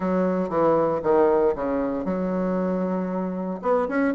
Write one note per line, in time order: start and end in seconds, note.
0.00 0.49 F#3
0.49 1.01 E3
1.02 1.54 D#3
1.55 2.05 C#3
2.05 3.60 F#3
3.61 3.87 B3
3.88 4.14 C#4